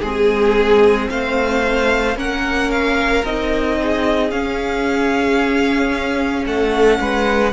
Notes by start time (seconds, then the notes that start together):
0.00 G#3 C4 G#4
1.10 A3 C5 F5
2.16 A#3 C#4 A#4 F#5
2.71 F5
3.24 C4 D#4 D#5
3.82 G#4
4.31 C#4 F5
6.46 A3 A4 F#5
7.00 G#3 B4